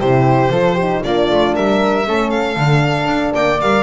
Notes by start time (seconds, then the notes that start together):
0.00 C3 E4 G4 C5
0.50 F3 F4 A4
0.74 D#4 G4
1.03 A#3 D4 F4 D5
1.30 A3
1.55 G3 A#4 E5
2.05 A3 C#4 A4
2.30 F5
2.56 D3 D4
3.06 D4
3.34 A#3 D5 G5
3.61 G3 A#4 F5